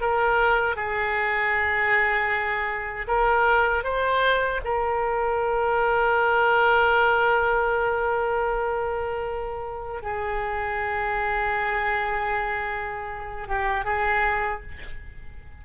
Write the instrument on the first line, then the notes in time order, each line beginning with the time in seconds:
oboe
0.00 A#4
0.76 G#4
3.07 A#4
3.84 C5
4.64 A#4
10.02 G#4
13.47 G4
13.84 G#4